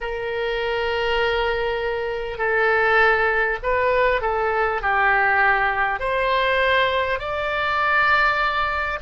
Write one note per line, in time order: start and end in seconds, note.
0.00 2.38 A#4
2.38 3.58 A4
3.62 4.21 B4
4.21 4.81 A4
4.81 5.99 G4
5.99 7.19 C5
7.19 8.99 D5